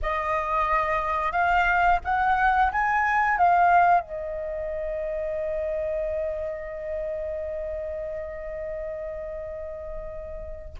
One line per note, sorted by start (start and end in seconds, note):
0.02 1.32 D#5
1.32 1.99 F5
2.04 2.72 F#5
2.72 3.37 G#5
3.37 4.00 F5
4.00 10.74 D#5